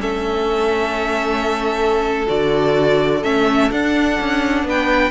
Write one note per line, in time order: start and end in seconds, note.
0.00 2.27 A3
0.00 2.26 C#4
0.00 4.65 A4
0.00 2.27 E5
2.27 3.23 D3
2.27 3.22 F#4
2.27 3.23 D5
3.23 3.71 A3
3.23 3.70 C#4
3.23 3.71 E5
3.70 5.10 D4
3.70 4.19 D4
3.70 4.67 F#5
4.20 4.63 C#4
4.63 5.10 B3
4.63 5.10 B4
4.63 5.10 G5